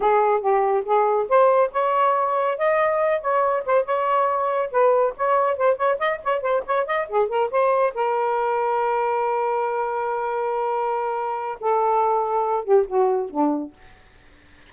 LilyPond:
\new Staff \with { instrumentName = "saxophone" } { \time 4/4 \tempo 4 = 140 gis'4 g'4 gis'4 c''4 | cis''2 dis''4. cis''8~ | cis''8 c''8 cis''2 b'4 | cis''4 c''8 cis''8 dis''8 cis''8 c''8 cis''8 |
dis''8 gis'8 ais'8 c''4 ais'4.~ | ais'1~ | ais'2. a'4~ | a'4. g'8 fis'4 d'4 | }